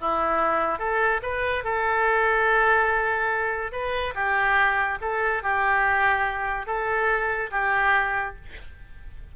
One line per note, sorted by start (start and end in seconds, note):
0.00 0.79 E4
0.79 1.21 A4
1.22 1.64 B4
1.64 3.72 A4
3.72 4.14 B4
4.14 4.98 G4
5.01 5.43 A4
5.43 6.66 G4
6.66 7.50 A4
7.51 8.35 G4